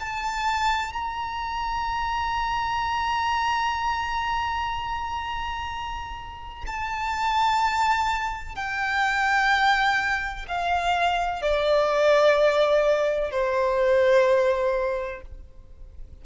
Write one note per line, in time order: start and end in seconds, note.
0.00 0.94 A5
0.94 6.65 A#5
6.67 8.56 A5
8.56 10.46 G5
10.48 11.42 F5
11.42 13.31 D5
13.31 15.22 C5